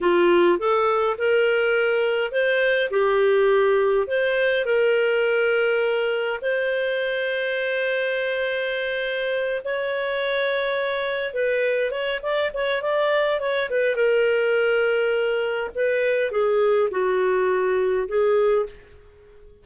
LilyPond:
\new Staff \with { instrumentName = "clarinet" } { \time 4/4 \tempo 4 = 103 f'4 a'4 ais'2 | c''4 g'2 c''4 | ais'2. c''4~ | c''1~ |
c''8 cis''2. b'8~ | b'8 cis''8 d''8 cis''8 d''4 cis''8 b'8 | ais'2. b'4 | gis'4 fis'2 gis'4 | }